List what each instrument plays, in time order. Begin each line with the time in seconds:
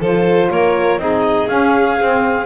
0.00 double bass F3, saxophone F4, violin A4, clarinet C5
0.50 double bass A#3, violin A#4, clarinet C#5
0.97 double bass C4, saxophone D#4, violin G#4, clarinet D#5
1.47 saxophone C#4, double bass C#4, clarinet F5
1.98 saxophone C4, double bass C4